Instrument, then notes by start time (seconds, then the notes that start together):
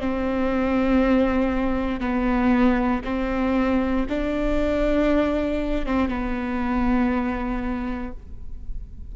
viola
0.00 C4
2.00 B3
3.04 C4
4.09 D4
5.86 C4
6.08 B3